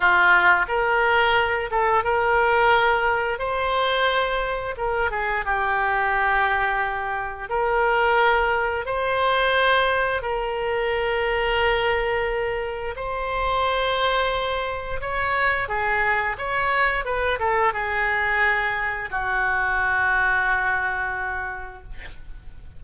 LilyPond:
\new Staff \with { instrumentName = "oboe" } { \time 4/4 \tempo 4 = 88 f'4 ais'4. a'8 ais'4~ | ais'4 c''2 ais'8 gis'8 | g'2. ais'4~ | ais'4 c''2 ais'4~ |
ais'2. c''4~ | c''2 cis''4 gis'4 | cis''4 b'8 a'8 gis'2 | fis'1 | }